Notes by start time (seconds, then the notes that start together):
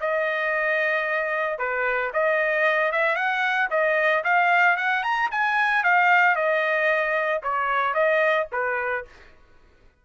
0.00 D#5
1.58 B4
2.13 D#5
2.92 E5
3.15 F#5
3.70 D#5
4.24 F5
4.76 F#5
5.03 A#5
5.31 G#5
5.83 F5
6.35 D#5
7.42 C#5
7.94 D#5
8.52 B4